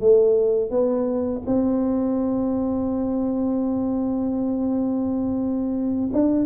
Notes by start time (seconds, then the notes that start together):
0.00 A3
0.70 B3
1.46 C4
6.12 D4